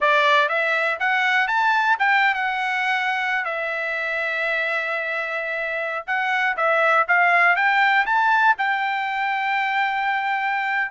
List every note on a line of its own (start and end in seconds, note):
0.00 0.48 D5
0.48 0.98 E5
0.99 1.47 F#5
1.47 1.97 A5
1.99 2.34 G5
2.34 3.44 F#5
3.44 6.05 E5
6.07 6.56 F#5
6.56 7.06 E5
7.08 7.56 F5
7.56 8.05 G5
8.06 8.55 A5
8.57 10.91 G5